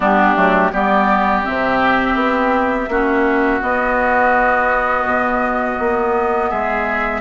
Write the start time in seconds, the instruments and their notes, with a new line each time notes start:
0.00 bassoon G3, clarinet B3, oboe D4, flute G4
0.35 bassoon F#3, clarinet A3
0.72 bassoon G3, clarinet B3, oboe G4, flute D5
1.44 bassoon C3, clarinet C4, flute E5
2.14 bassoon B3
2.88 bassoon A#3, clarinet C#4, oboe F#4
3.61 clarinet B3, bassoon B3, flute D#5
5.05 bassoon B2
5.79 bassoon A#3
6.49 bassoon G#3, oboe G#4, flute E5